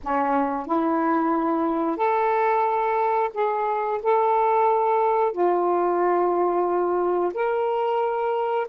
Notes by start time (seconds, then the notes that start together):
0.03 C#4
0.66 E4
1.96 A4
3.33 G#4
4.02 A4
5.32 F4
7.33 A#4